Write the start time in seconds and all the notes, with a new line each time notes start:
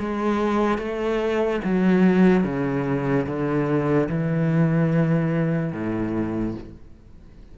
0.00 G#3
0.78 A3
1.65 F#3
2.44 C#3
3.27 D3
4.09 E3
5.73 A2